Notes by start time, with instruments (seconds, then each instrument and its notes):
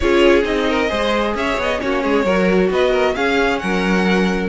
0.00 cello C#4, viola F4, violin G#4 C#5
0.42 cello C4, viola D#4, violin D#5
0.69 violin A#4
0.88 cello G#3, viola G#4, violin C5
1.34 cello C#4, violin C#5 E5
1.57 cello B3, violin D#5
1.78 cello A#3, viola C#4, violin F#4 C#5
2.02 cello G#3, violin G#4
2.24 cello F#3, viola F#4, violin A#4
2.70 cello B3, violin B4 D#5
2.91 violin A#4
3.15 viola C#4, cello C#4, violin G#4 F5
3.58 cello F#3, violin A#4 F#5